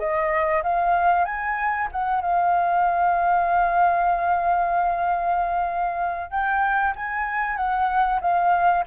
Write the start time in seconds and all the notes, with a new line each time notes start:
0.00 D#5
0.63 F5
1.26 G#5
1.92 F#5
2.22 F5
6.31 G5
6.96 G#5
7.57 F#5
8.22 F5